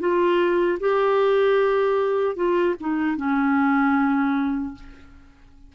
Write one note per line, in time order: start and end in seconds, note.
0.00 0.79 F4
0.80 2.36 G4
2.36 2.76 F4
2.81 3.17 D#4
3.17 4.75 C#4